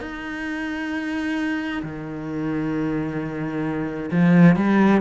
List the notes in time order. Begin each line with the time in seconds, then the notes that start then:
0.00 D#4
1.82 D#3
4.11 F3
4.56 G3